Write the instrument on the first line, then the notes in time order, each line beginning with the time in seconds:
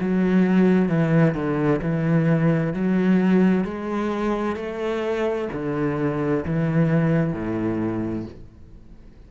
cello
0.00 F#3
0.88 E3
1.34 D3
1.81 E3
2.73 F#3
3.64 G#3
4.56 A3
5.52 D3
6.45 E3
7.33 A2